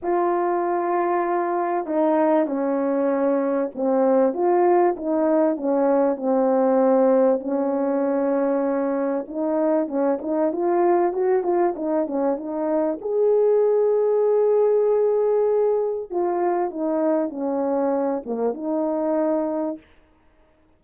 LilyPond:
\new Staff \with { instrumentName = "horn" } { \time 4/4 \tempo 4 = 97 f'2. dis'4 | cis'2 c'4 f'4 | dis'4 cis'4 c'2 | cis'2. dis'4 |
cis'8 dis'8 f'4 fis'8 f'8 dis'8 cis'8 | dis'4 gis'2.~ | gis'2 f'4 dis'4 | cis'4. ais8 dis'2 | }